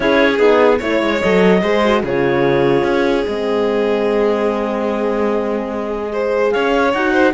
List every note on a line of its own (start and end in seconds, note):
0.00 0.39 C#4
0.00 0.37 E4
0.00 0.78 G#4
0.00 0.37 C#5
0.37 0.80 B3
0.37 0.80 D#4
0.37 0.78 G#4
0.78 1.01 A3
0.78 1.21 E4
0.78 1.60 C#5
0.78 1.20 C#5
1.01 1.22 G#3
1.20 1.62 F#3
1.20 1.63 A4
1.20 2.02 D#5
1.61 2.03 G#3
1.61 1.83 G#4
1.61 2.02 C5
1.84 2.04 F#4
2.03 2.83 C#3
2.03 3.26 F4
2.03 6.11 G#4
2.03 3.26 C#5
2.83 3.23 C#4
3.26 6.54 G#3
3.26 6.10 C4
3.26 6.51 D#5
6.10 6.92 G#4
6.10 6.53 C5
6.51 6.93 C#4
6.51 7.12 C#5
6.51 6.92 F5
6.93 7.33 D#4
6.93 7.33 F#4
6.93 7.33 F#5
7.12 7.33 C5